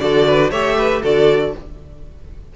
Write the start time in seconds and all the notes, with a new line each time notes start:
0.00 D3 F#4 A4 D5
0.28 B4
0.51 A3 G4 C#5 E5
0.78 B4
1.03 D3 F#4 A4 D5